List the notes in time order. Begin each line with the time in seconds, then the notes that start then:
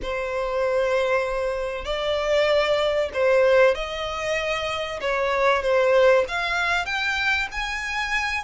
0.02 C5
1.84 D5
3.13 C5
3.74 D#5
5.01 C#5
5.62 C5
6.28 F5
6.85 G5
7.51 G#5